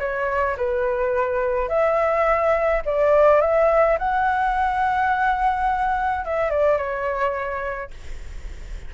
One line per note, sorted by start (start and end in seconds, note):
0.00 0.57 C#5
0.57 1.69 B4
1.69 2.82 E5
2.86 3.42 D5
3.42 3.98 E5
3.99 6.25 F#5
6.25 6.51 E5
6.51 6.78 D5
6.78 7.91 C#5